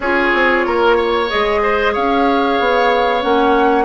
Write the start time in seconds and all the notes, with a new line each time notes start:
0.00 C#4 F4 G#4 C#5
0.34 C4
0.65 A#3 A#4
0.96 C#5
1.28 G#3 G#4 D#5
1.62 C5
1.93 C#4 C#5 F5
2.59 B3
3.21 A#3 C#4 F#5